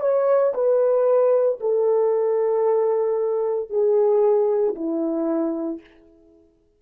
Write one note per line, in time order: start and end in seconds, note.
0.00 0.53 C#5
0.54 1.59 B4
1.60 3.69 A4
3.69 4.74 G#4
4.75 5.80 E4